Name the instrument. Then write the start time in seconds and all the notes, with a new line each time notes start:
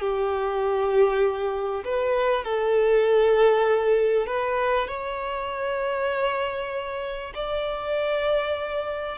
violin
0.00 G4
1.85 B4
2.44 A4
4.27 B4
4.88 C#5
7.34 D5